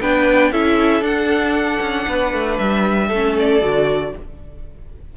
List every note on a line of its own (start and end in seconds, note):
0.00 0.51 B3
0.00 0.53 D4
0.00 0.52 B4
0.00 0.52 G5
0.51 1.01 C#4
0.51 1.02 E4
0.51 2.07 A4
0.51 1.04 E5
1.01 1.79 D4
1.01 3.09 D4
1.01 2.58 F#5
1.80 2.06 C#4
2.07 2.33 B3
2.07 3.07 B4
2.33 2.59 A3
2.58 3.10 G3
2.58 3.35 E5
3.07 3.61 A3
3.07 4.11 A4
3.15 3.61 C#4
3.39 4.16 D5
3.61 4.13 D3
3.61 4.13 F#4